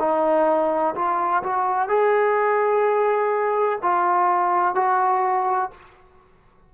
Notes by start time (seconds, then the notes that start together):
0.00 D#4
0.95 F4
1.43 F#4
1.89 G#4
3.83 F4
4.76 F#4